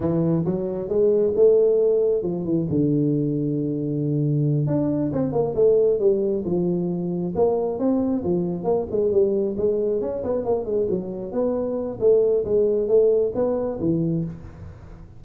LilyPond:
\new Staff \with { instrumentName = "tuba" } { \time 4/4 \tempo 4 = 135 e4 fis4 gis4 a4~ | a4 f8 e8 d2~ | d2~ d8 d'4 c'8 | ais8 a4 g4 f4.~ |
f8 ais4 c'4 f4 ais8 | gis8 g4 gis4 cis'8 b8 ais8 | gis8 fis4 b4. a4 | gis4 a4 b4 e4 | }